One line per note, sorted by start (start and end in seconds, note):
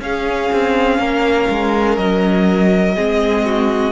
0.00 0.49 C#4
0.00 2.96 C#4
0.00 1.00 G#4
0.00 1.97 F5
0.52 0.99 C4
0.99 1.48 A#3
0.99 2.95 A#4
1.49 1.98 G#3
1.97 2.96 F#3
1.97 3.92 D#5
2.95 3.92 G#3
2.95 3.92 C4
2.95 3.44 G#4
3.45 3.92 F#4